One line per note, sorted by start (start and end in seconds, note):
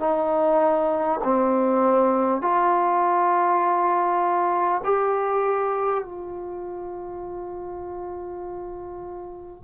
0.00 1.20 D#4
1.24 2.42 C4
2.42 4.82 F4
4.84 6.04 G4
6.04 9.64 F4